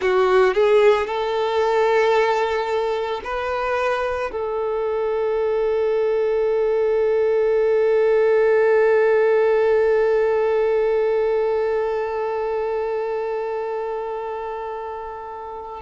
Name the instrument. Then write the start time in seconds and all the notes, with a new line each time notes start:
violin
0.00 F#4
0.54 G#4
1.07 A4
3.24 B4
4.31 A4